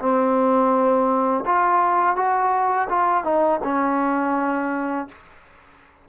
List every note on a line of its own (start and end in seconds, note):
0.00 1.45 C4
1.46 2.16 F4
2.16 2.88 F#4
2.89 3.24 F4
3.24 3.60 D#4
3.64 5.09 C#4